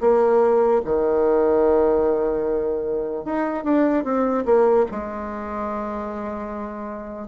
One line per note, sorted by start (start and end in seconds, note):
0.00 0.81 A#3
0.85 3.25 D#3
3.25 3.64 D#4
3.64 4.04 D4
4.04 4.44 C4
4.45 4.85 A#3
4.91 7.28 G#3